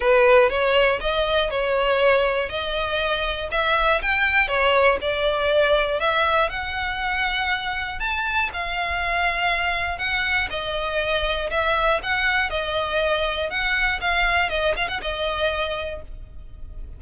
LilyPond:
\new Staff \with { instrumentName = "violin" } { \time 4/4 \tempo 4 = 120 b'4 cis''4 dis''4 cis''4~ | cis''4 dis''2 e''4 | g''4 cis''4 d''2 | e''4 fis''2. |
a''4 f''2. | fis''4 dis''2 e''4 | fis''4 dis''2 fis''4 | f''4 dis''8 f''16 fis''16 dis''2 | }